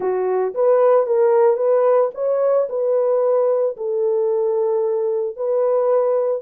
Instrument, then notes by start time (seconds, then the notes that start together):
horn
0.00 F#4
0.54 B4
1.06 A#4
1.57 B4
2.14 C#5
2.69 B4
3.76 A4
5.36 B4